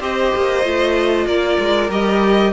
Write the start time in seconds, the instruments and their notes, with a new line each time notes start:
0.00 cello C4, viola G4, violin C5 D#5
0.36 cello A#3
0.64 cello A3, viola F4
1.26 cello A#3, violin A#4 D5
1.59 cello G#3
1.90 cello G3, viola G4, violin D#5